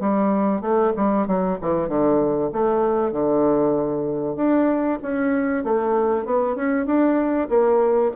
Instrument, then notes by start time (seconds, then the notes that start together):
bassoon
0.00 G3
0.61 A3
0.96 G3
1.27 F#3
1.61 E3
1.88 D3
2.53 A3
3.12 D3
4.36 D4
5.02 C#4
5.64 A3
6.25 B3
6.55 C#4
6.86 D4
7.49 A#3